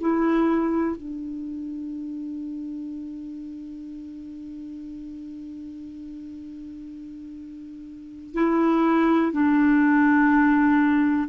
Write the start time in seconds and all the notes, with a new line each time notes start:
0.00 E4
0.96 D4
8.33 E4
9.32 D4